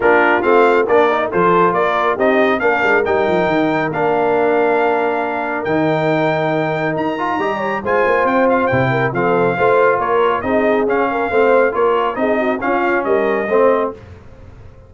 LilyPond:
<<
  \new Staff \with { instrumentName = "trumpet" } { \time 4/4 \tempo 4 = 138 ais'4 f''4 d''4 c''4 | d''4 dis''4 f''4 g''4~ | g''4 f''2.~ | f''4 g''2. |
ais''2 gis''4 g''8 f''8 | g''4 f''2 cis''4 | dis''4 f''2 cis''4 | dis''4 f''4 dis''2 | }
  \new Staff \with { instrumentName = "horn" } { \time 4/4 f'2 ais'4 a'4 | ais'4 g'4 ais'2~ | ais'1~ | ais'1~ |
ais'4 dis''8 cis''8 c''2~ | c''8 ais'8 a'4 c''4 ais'4 | gis'4. ais'8 c''4 ais'4 | gis'8 fis'8 f'4 ais'4 c''4 | }
  \new Staff \with { instrumentName = "trombone" } { \time 4/4 d'4 c'4 d'8 dis'8 f'4~ | f'4 dis'4 d'4 dis'4~ | dis'4 d'2.~ | d'4 dis'2.~ |
dis'8 f'8 g'4 f'2 | e'4 c'4 f'2 | dis'4 cis'4 c'4 f'4 | dis'4 cis'2 c'4 | }
  \new Staff \with { instrumentName = "tuba" } { \time 4/4 ais4 a4 ais4 f4 | ais4 c'4 ais8 gis8 g8 f8 | dis4 ais2.~ | ais4 dis2. |
dis'4 g4 gis8 ais8 c'4 | c4 f4 a4 ais4 | c'4 cis'4 a4 ais4 | c'4 cis'4 g4 a4 | }
>>